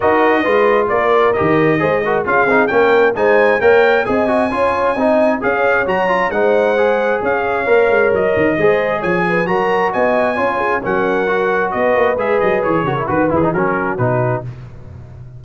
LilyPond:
<<
  \new Staff \with { instrumentName = "trumpet" } { \time 4/4 \tempo 4 = 133 dis''2 d''4 dis''4~ | dis''4 f''4 g''4 gis''4 | g''4 gis''2. | f''4 ais''4 fis''2 |
f''2 dis''2 | gis''4 ais''4 gis''2 | fis''2 dis''4 e''8 dis''8 | cis''4 b'8 gis'8 ais'4 b'4 | }
  \new Staff \with { instrumentName = "horn" } { \time 4/4 ais'4 b'4 ais'2 | c''8 ais'8 gis'4 ais'4 c''4 | cis''4 dis''4 cis''4 dis''4 | cis''2 c''2 |
cis''2. c''4 | cis''8 b'8 ais'4 dis''4 cis''8 gis'8 | ais'2 b'2~ | b'8 ais'8 b'4 fis'2 | }
  \new Staff \with { instrumentName = "trombone" } { \time 4/4 fis'4 f'2 g'4 | gis'8 fis'8 f'8 dis'8 cis'4 dis'4 | ais'4 gis'8 fis'8 f'4 dis'4 | gis'4 fis'8 f'8 dis'4 gis'4~ |
gis'4 ais'2 gis'4~ | gis'4 fis'2 f'4 | cis'4 fis'2 gis'4~ | gis'8 fis'16 e'16 fis'8 e'16 dis'16 cis'4 dis'4 | }
  \new Staff \with { instrumentName = "tuba" } { \time 4/4 dis'4 gis4 ais4 dis4 | gis4 cis'8 c'8 ais4 gis4 | ais4 c'4 cis'4 c'4 | cis'4 fis4 gis2 |
cis'4 ais8 gis8 fis8 dis8 gis4 | f4 fis4 b4 cis'4 | fis2 b8 ais8 gis8 fis8 | e8 cis8 dis8 e8 fis4 b,4 | }
>>